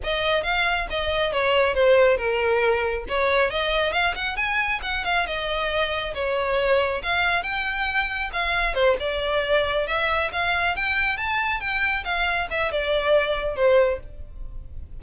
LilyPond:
\new Staff \with { instrumentName = "violin" } { \time 4/4 \tempo 4 = 137 dis''4 f''4 dis''4 cis''4 | c''4 ais'2 cis''4 | dis''4 f''8 fis''8 gis''4 fis''8 f''8 | dis''2 cis''2 |
f''4 g''2 f''4 | c''8 d''2 e''4 f''8~ | f''8 g''4 a''4 g''4 f''8~ | f''8 e''8 d''2 c''4 | }